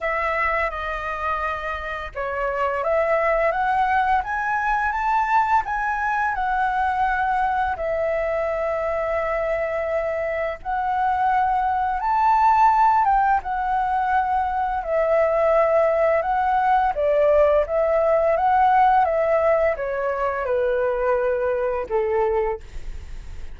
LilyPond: \new Staff \with { instrumentName = "flute" } { \time 4/4 \tempo 4 = 85 e''4 dis''2 cis''4 | e''4 fis''4 gis''4 a''4 | gis''4 fis''2 e''4~ | e''2. fis''4~ |
fis''4 a''4. g''8 fis''4~ | fis''4 e''2 fis''4 | d''4 e''4 fis''4 e''4 | cis''4 b'2 a'4 | }